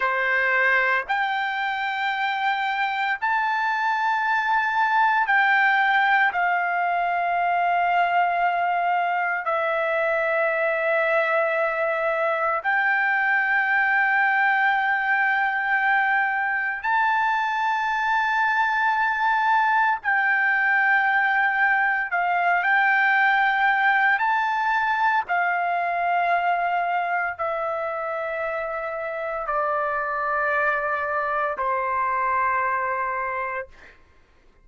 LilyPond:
\new Staff \with { instrumentName = "trumpet" } { \time 4/4 \tempo 4 = 57 c''4 g''2 a''4~ | a''4 g''4 f''2~ | f''4 e''2. | g''1 |
a''2. g''4~ | g''4 f''8 g''4. a''4 | f''2 e''2 | d''2 c''2 | }